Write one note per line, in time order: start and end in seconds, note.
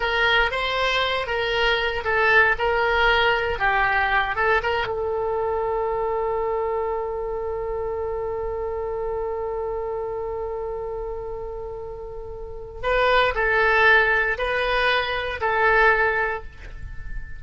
0.00 0.51 A#4
0.51 1.26 C5
1.26 2.03 A#4
2.04 2.55 A4
2.58 3.59 A#4
3.59 4.35 G4
4.35 4.61 A4
4.62 4.86 A#4
4.86 12.81 A4
12.83 13.34 B4
13.34 14.37 A4
14.38 15.40 B4
15.40 16.43 A4